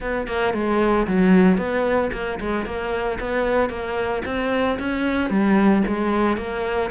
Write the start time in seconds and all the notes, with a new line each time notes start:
0.00 B3
0.27 A#3
0.53 G#3
1.07 F#3
1.57 B3
2.12 A#3
2.40 G#3
2.65 A#3
3.20 B3
3.69 A#3
4.25 C4
4.79 C#4
5.30 G3
5.87 G#3
6.37 A#3